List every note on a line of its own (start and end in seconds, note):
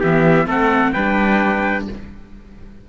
0.00 0.46 E3
0.00 0.48 B3
0.00 0.46 G4
0.00 0.49 E5
0.46 0.92 A3
0.46 0.94 C4
0.46 0.93 A4
0.46 0.93 F#5
0.93 1.88 G3
0.93 1.89 D4
0.93 1.86 B4
0.93 1.85 G5